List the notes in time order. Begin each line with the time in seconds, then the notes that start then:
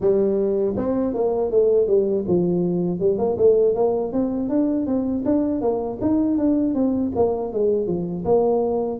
0.00 G3
0.77 C4
1.14 A#3
1.50 A3
1.87 G3
2.27 F3
2.99 G3
3.18 A#3
3.37 A3
3.75 A#3
4.12 C4
4.49 D4
4.86 C4
5.25 D4
5.61 A#3
6.01 D#4
6.37 D4
6.74 C4
7.15 A#3
7.52 G#3
7.86 F3
8.25 A#3